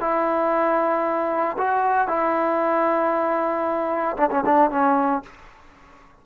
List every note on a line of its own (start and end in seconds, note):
0.00 1.57 E4
1.58 2.08 F#4
2.08 4.17 E4
4.17 4.30 D4
4.31 4.44 C#4
4.46 4.71 D4
4.71 5.23 C#4